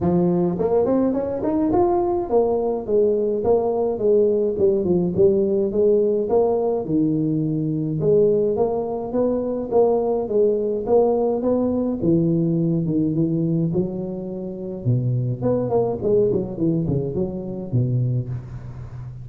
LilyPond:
\new Staff \with { instrumentName = "tuba" } { \time 4/4 \tempo 4 = 105 f4 ais8 c'8 cis'8 dis'8 f'4 | ais4 gis4 ais4 gis4 | g8 f8 g4 gis4 ais4 | dis2 gis4 ais4 |
b4 ais4 gis4 ais4 | b4 e4. dis8 e4 | fis2 b,4 b8 ais8 | gis8 fis8 e8 cis8 fis4 b,4 | }